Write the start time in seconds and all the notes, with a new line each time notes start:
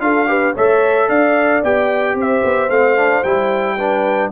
0.00 D4 F4 A4 F5
0.27 G4 B4
0.54 A3 A4 C#5 E5
1.09 D4 D5 F5
1.64 B3 G4 G5
2.15 C4 C5 E5
2.44 B3
2.70 A3 C4 F5
2.97 D4
3.24 G3 E4 G5
3.77 D4 B4